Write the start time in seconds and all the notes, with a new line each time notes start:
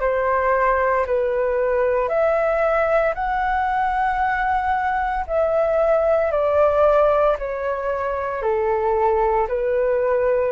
0.00 C5
1.06 B4
2.09 E5
3.15 F#5
5.27 E5
6.32 D5
7.38 C#5
8.42 A4
9.48 B4